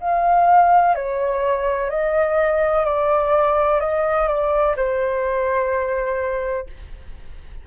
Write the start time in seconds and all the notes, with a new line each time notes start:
0.00 F5
0.95 C#5
1.90 D#5
2.85 D5
3.80 D#5
4.28 D5
4.76 C5